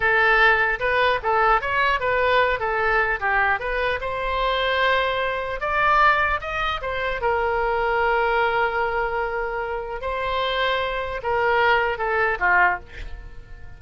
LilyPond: \new Staff \with { instrumentName = "oboe" } { \time 4/4 \tempo 4 = 150 a'2 b'4 a'4 | cis''4 b'4. a'4. | g'4 b'4 c''2~ | c''2 d''2 |
dis''4 c''4 ais'2~ | ais'1~ | ais'4 c''2. | ais'2 a'4 f'4 | }